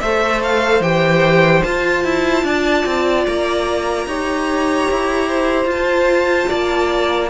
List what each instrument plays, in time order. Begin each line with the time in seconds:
0.00 cello A3, viola A4, violin C5 E5
0.43 violin F5
0.80 cello E3, viola G4, violin G5
1.63 cello F4, viola F4, violin A5
2.04 cello E4
2.43 cello D4, violin D5
2.85 cello C4
3.26 cello A#3, violin A#5
4.06 cello D#4, viola G4, violin C#5
4.91 cello E4
5.28 violin C5
5.65 cello F4, viola F4, violin A5
6.48 cello A#3, violin D5